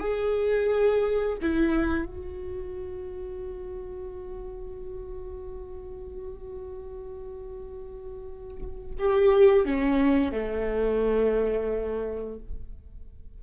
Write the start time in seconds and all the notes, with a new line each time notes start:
0.00 G#4
1.42 E4
2.05 F#4
8.99 G4
9.66 C#4
10.32 A3